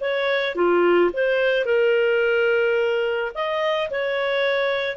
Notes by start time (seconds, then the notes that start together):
0.00 C#5
0.55 F4
1.13 C5
1.65 A#4
3.34 D#5
3.90 C#5